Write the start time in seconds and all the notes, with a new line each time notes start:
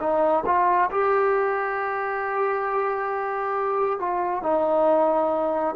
0.00 D#4
0.46 F4
0.91 G4
3.99 F4
4.43 D#4